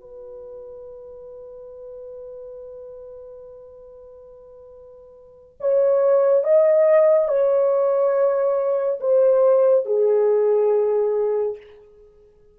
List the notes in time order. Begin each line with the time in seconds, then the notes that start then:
0.00 B4
5.61 C#5
6.44 D#5
7.28 C#5
9.00 C5
9.85 G#4